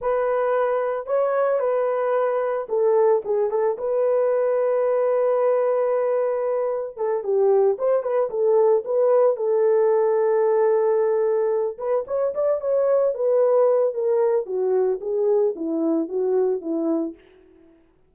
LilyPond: \new Staff \with { instrumentName = "horn" } { \time 4/4 \tempo 4 = 112 b'2 cis''4 b'4~ | b'4 a'4 gis'8 a'8 b'4~ | b'1~ | b'4 a'8 g'4 c''8 b'8 a'8~ |
a'8 b'4 a'2~ a'8~ | a'2 b'8 cis''8 d''8 cis''8~ | cis''8 b'4. ais'4 fis'4 | gis'4 e'4 fis'4 e'4 | }